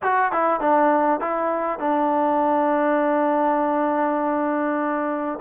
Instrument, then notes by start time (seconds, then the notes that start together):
trombone
0.02 F#4
0.32 E4
0.60 D4
1.20 E4
1.79 D4